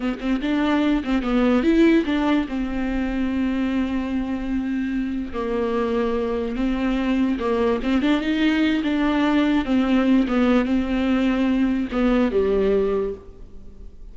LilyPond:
\new Staff \with { instrumentName = "viola" } { \time 4/4 \tempo 4 = 146 b8 c'8 d'4. c'8 b4 | e'4 d'4 c'2~ | c'1~ | c'4 ais2. |
c'2 ais4 c'8 d'8 | dis'4. d'2 c'8~ | c'4 b4 c'2~ | c'4 b4 g2 | }